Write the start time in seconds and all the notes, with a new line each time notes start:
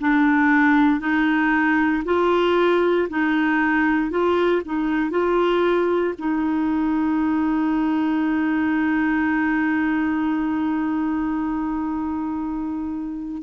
0.00 D4
1.00 D#4
2.05 F4
3.10 D#4
4.11 F4
4.65 D#4
5.10 F4
6.18 D#4